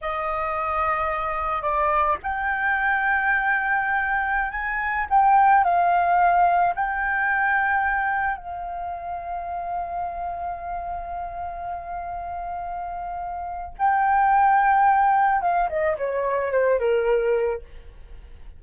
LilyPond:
\new Staff \with { instrumentName = "flute" } { \time 4/4 \tempo 4 = 109 dis''2. d''4 | g''1~ | g''16 gis''4 g''4 f''4.~ f''16~ | f''16 g''2. f''8.~ |
f''1~ | f''1~ | f''4 g''2. | f''8 dis''8 cis''4 c''8 ais'4. | }